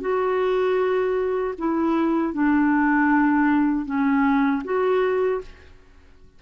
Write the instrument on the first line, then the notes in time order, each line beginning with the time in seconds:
clarinet
0.00 F#4
1.58 E4
2.33 D4
3.85 C#4
4.64 F#4